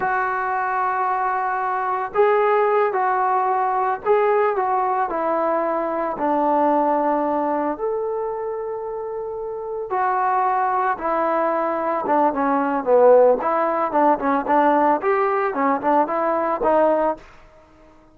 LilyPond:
\new Staff \with { instrumentName = "trombone" } { \time 4/4 \tempo 4 = 112 fis'1 | gis'4. fis'2 gis'8~ | gis'8 fis'4 e'2 d'8~ | d'2~ d'8 a'4.~ |
a'2~ a'8 fis'4.~ | fis'8 e'2 d'8 cis'4 | b4 e'4 d'8 cis'8 d'4 | g'4 cis'8 d'8 e'4 dis'4 | }